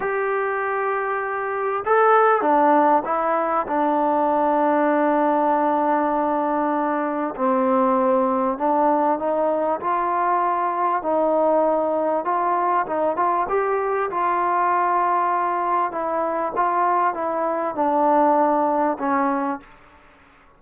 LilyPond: \new Staff \with { instrumentName = "trombone" } { \time 4/4 \tempo 4 = 98 g'2. a'4 | d'4 e'4 d'2~ | d'1 | c'2 d'4 dis'4 |
f'2 dis'2 | f'4 dis'8 f'8 g'4 f'4~ | f'2 e'4 f'4 | e'4 d'2 cis'4 | }